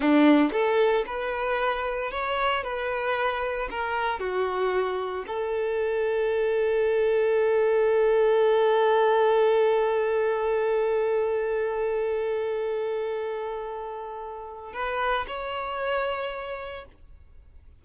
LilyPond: \new Staff \with { instrumentName = "violin" } { \time 4/4 \tempo 4 = 114 d'4 a'4 b'2 | cis''4 b'2 ais'4 | fis'2 a'2~ | a'1~ |
a'1~ | a'1~ | a'1 | b'4 cis''2. | }